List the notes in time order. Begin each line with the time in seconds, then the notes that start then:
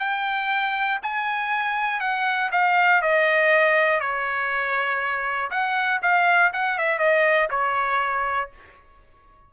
0.00 G5
1.03 G#5
2.01 F#5
2.52 F5
3.02 D#5
4.01 C#5
5.51 F#5
6.02 F5
6.53 F#5
6.79 E5
6.99 D#5
7.51 C#5